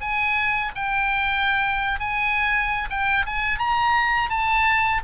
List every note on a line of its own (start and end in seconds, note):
0.00 0.71 G#5
0.75 1.99 G5
1.99 2.89 G#5
2.90 3.25 G5
3.26 3.58 G#5
3.58 4.29 A#5
4.29 5.01 A5